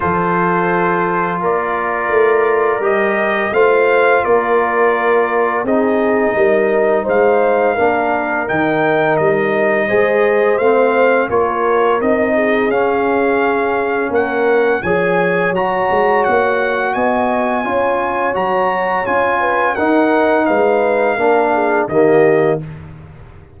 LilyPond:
<<
  \new Staff \with { instrumentName = "trumpet" } { \time 4/4 \tempo 4 = 85 c''2 d''2 | dis''4 f''4 d''2 | dis''2 f''2 | g''4 dis''2 f''4 |
cis''4 dis''4 f''2 | fis''4 gis''4 ais''4 fis''4 | gis''2 ais''4 gis''4 | fis''4 f''2 dis''4 | }
  \new Staff \with { instrumentName = "horn" } { \time 4/4 a'2 ais'2~ | ais'4 c''4 ais'2 | gis'4 ais'4 c''4 ais'4~ | ais'2 c''2 |
ais'4. gis'2~ gis'8 | ais'4 cis''2. | dis''4 cis''2~ cis''8 b'8 | ais'4 b'4 ais'8 gis'8 g'4 | }
  \new Staff \with { instrumentName = "trombone" } { \time 4/4 f'1 | g'4 f'2. | dis'2. d'4 | dis'2 gis'4 c'4 |
f'4 dis'4 cis'2~ | cis'4 gis'4 fis'2~ | fis'4 f'4 fis'4 f'4 | dis'2 d'4 ais4 | }
  \new Staff \with { instrumentName = "tuba" } { \time 4/4 f2 ais4 a4 | g4 a4 ais2 | c'4 g4 gis4 ais4 | dis4 g4 gis4 a4 |
ais4 c'4 cis'2 | ais4 f4 fis8 gis8 ais4 | b4 cis'4 fis4 cis'4 | dis'4 gis4 ais4 dis4 | }
>>